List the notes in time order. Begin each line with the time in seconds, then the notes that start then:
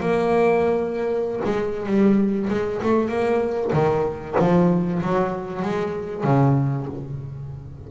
0.00 A#3
1.44 G#3
1.86 G3
2.50 G#3
2.83 A3
3.09 A#3
3.73 D#3
4.39 F3
5.02 F#3
5.62 G#3
6.24 C#3